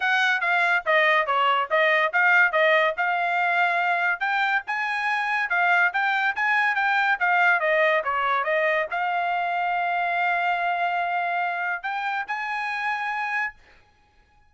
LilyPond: \new Staff \with { instrumentName = "trumpet" } { \time 4/4 \tempo 4 = 142 fis''4 f''4 dis''4 cis''4 | dis''4 f''4 dis''4 f''4~ | f''2 g''4 gis''4~ | gis''4 f''4 g''4 gis''4 |
g''4 f''4 dis''4 cis''4 | dis''4 f''2.~ | f''1 | g''4 gis''2. | }